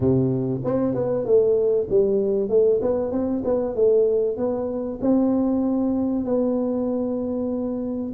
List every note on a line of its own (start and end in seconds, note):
0.00 0.61 C3
0.64 0.94 C4
0.94 1.25 B3
1.25 1.87 A3
1.89 2.49 G3
2.49 2.80 A3
2.81 3.11 B3
3.11 3.43 C4
3.44 3.75 B3
3.75 4.36 A3
4.36 4.99 B3
5.01 6.24 C4
6.24 8.12 B3